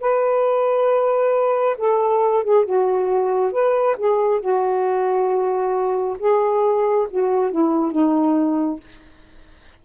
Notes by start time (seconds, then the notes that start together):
0.00 B4
1.77 A4
2.43 G#4
2.65 F#4
3.52 B4
3.97 G#4
4.40 F#4
6.19 G#4
7.10 F#4
7.51 E4
7.91 D#4